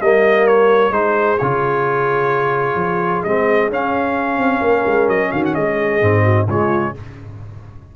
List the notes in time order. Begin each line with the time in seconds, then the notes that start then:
0.00 G3 A#3 A#4 D#5
0.47 C#5
0.90 G#3 D#4 G#4 C5
1.38 C#3 F4 C#5
2.75 F3
3.23 G#3 C4 D#5
3.68 C#4 F5
4.37 C4
4.61 A#3 A#4
4.86 G#3
5.07 F#3 D#5
5.31 D#3 F#4 F5
5.45 F#5
5.54 G#3 G#4 D#5
6.01 G#2 C4
6.23 F#4
6.47 C#3 G#3 F4 C#5